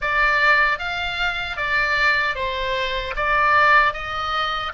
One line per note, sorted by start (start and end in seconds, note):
0.01 0.79 D5
0.79 1.56 F5
1.56 2.35 D5
2.35 3.14 C5
3.16 3.93 D5
3.93 4.72 D#5